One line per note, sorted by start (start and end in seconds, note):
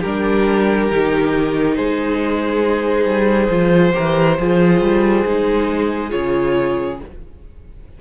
0.00 0.91 G3
0.00 0.90 D4
0.00 1.74 G4
0.00 1.75 A#4
0.90 1.78 D#3
0.90 3.50 D#4
1.75 3.05 G#3
1.75 3.94 G#4
1.75 6.10 C5
3.05 3.49 G3
3.50 3.93 F3
3.50 3.93 F4
3.93 4.39 E3
3.93 4.36 G4
3.93 4.38 A#4
4.39 4.81 F3
4.39 5.26 F4
4.39 7.01 G#4
4.81 5.25 G3
5.25 6.12 G#3
5.25 6.10 D#4
6.10 7.01 C#3
6.10 6.97 F4
6.10 6.98 C#5